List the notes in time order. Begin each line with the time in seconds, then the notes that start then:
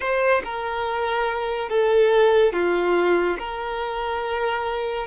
0.00 C5
0.44 A#4
1.69 A4
2.52 F4
3.38 A#4